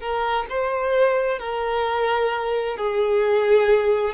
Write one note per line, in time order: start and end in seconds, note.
0.00 0.46 A#4
0.49 1.39 C5
1.39 2.77 A#4
2.77 4.14 G#4